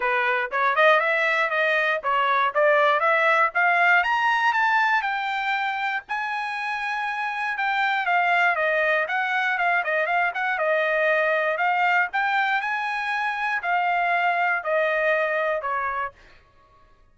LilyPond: \new Staff \with { instrumentName = "trumpet" } { \time 4/4 \tempo 4 = 119 b'4 cis''8 dis''8 e''4 dis''4 | cis''4 d''4 e''4 f''4 | ais''4 a''4 g''2 | gis''2. g''4 |
f''4 dis''4 fis''4 f''8 dis''8 | f''8 fis''8 dis''2 f''4 | g''4 gis''2 f''4~ | f''4 dis''2 cis''4 | }